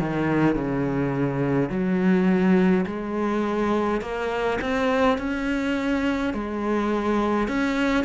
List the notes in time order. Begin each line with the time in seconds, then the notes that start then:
0.00 D#3
0.55 C#3
1.70 F#3
2.86 G#3
4.01 A#3
4.61 C4
5.18 C#4
6.34 G#3
7.48 C#4